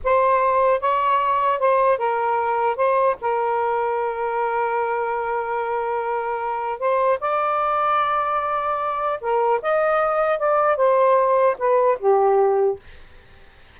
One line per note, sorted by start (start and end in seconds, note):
0.03 0.80 C5
0.80 1.59 C#5
1.59 1.98 C5
1.98 2.75 A#4
2.75 3.15 C5
3.21 6.79 A#4
6.79 7.19 C5
7.19 9.19 D5
9.20 9.60 A#4
9.62 10.39 D#5
10.39 10.76 D5
10.76 11.56 C5
11.58 11.98 B4
11.99 12.79 G4